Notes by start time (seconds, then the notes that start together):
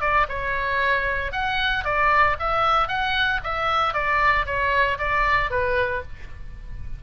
0.00 D5
0.29 C#5
1.32 F#5
1.84 D5
2.39 E5
2.88 F#5
3.43 E5
3.93 D5
4.46 C#5
4.98 D5
5.50 B4